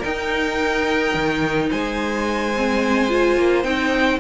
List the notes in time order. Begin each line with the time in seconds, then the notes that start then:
0.00 D#4 A#4 G5
1.15 D#3
1.70 G#3 C5 G#5
2.57 C4
3.09 F4
3.37 A#3
3.64 C4 D#4 G5